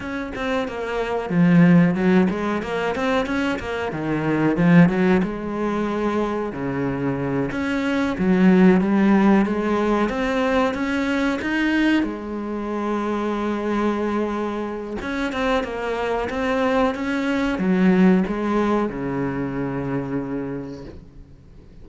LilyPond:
\new Staff \with { instrumentName = "cello" } { \time 4/4 \tempo 4 = 92 cis'8 c'8 ais4 f4 fis8 gis8 | ais8 c'8 cis'8 ais8 dis4 f8 fis8 | gis2 cis4. cis'8~ | cis'8 fis4 g4 gis4 c'8~ |
c'8 cis'4 dis'4 gis4.~ | gis2. cis'8 c'8 | ais4 c'4 cis'4 fis4 | gis4 cis2. | }